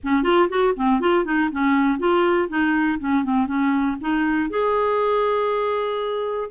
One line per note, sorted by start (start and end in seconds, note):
0.03 0.23 C#4
0.23 0.48 F4
0.49 0.74 F#4
0.76 1.00 C4
1.00 1.24 F4
1.24 1.49 D#4
1.52 1.98 C#4
1.98 2.48 F4
2.48 2.98 D#4
2.99 3.24 C#4
3.24 3.47 C4
3.47 3.97 C#4
4.00 4.50 D#4
4.50 6.50 G#4